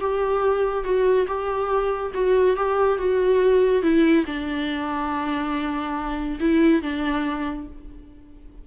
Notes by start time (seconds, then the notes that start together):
0.00 G4
0.84 F#4
1.27 G4
2.14 F#4
2.56 G4
2.98 F#4
3.82 E4
4.26 D4
6.40 E4
6.82 D4